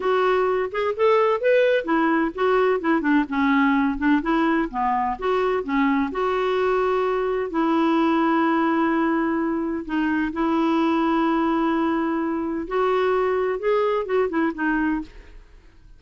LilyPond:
\new Staff \with { instrumentName = "clarinet" } { \time 4/4 \tempo 4 = 128 fis'4. gis'8 a'4 b'4 | e'4 fis'4 e'8 d'8 cis'4~ | cis'8 d'8 e'4 b4 fis'4 | cis'4 fis'2. |
e'1~ | e'4 dis'4 e'2~ | e'2. fis'4~ | fis'4 gis'4 fis'8 e'8 dis'4 | }